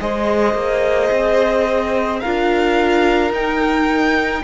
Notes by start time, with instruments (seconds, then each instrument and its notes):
0.00 cello G#3, viola G#4, violin C5 D#5
0.54 cello A#3
1.10 cello C4
2.19 cello D4, viola F4, violin A#4 F5
3.30 cello D#4, viola D#4, violin G5